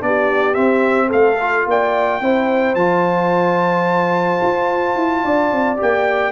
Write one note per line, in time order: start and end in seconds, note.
0.00 0.57 B3
0.00 0.54 D4
0.00 0.54 D5
0.06 1.07 G4
0.54 1.36 C4
0.54 1.12 C4
0.54 1.10 E5
1.07 1.66 A3
1.07 1.62 A4
1.07 1.68 F5
1.40 2.22 F4
1.66 2.21 A#3
1.66 2.22 D5
1.66 2.75 G5
2.21 2.75 C4
2.21 2.77 E4
2.21 5.24 C5
2.75 4.40 F3
2.75 5.77 F4
2.75 5.78 A5
4.43 4.96 F4
4.96 5.24 E4
5.24 5.52 D4
5.24 6.32 D5
5.52 5.80 C4
5.77 6.32 A#3
5.77 6.32 G4
5.77 6.32 G5